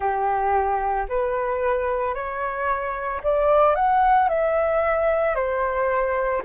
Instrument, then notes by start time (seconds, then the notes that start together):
flute
0.00 G4
1.08 B4
2.14 C#5
3.23 D5
3.75 F#5
4.29 E5
5.35 C5